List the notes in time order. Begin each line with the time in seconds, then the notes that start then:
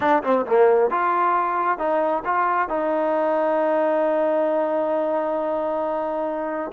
0.00 D4
0.23 C4
0.46 A#3
0.90 F4
1.78 D#4
2.24 F4
2.68 D#4